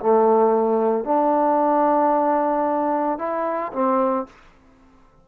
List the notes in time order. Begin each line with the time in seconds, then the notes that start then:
0.00 A3
1.04 D4
3.19 E4
3.73 C4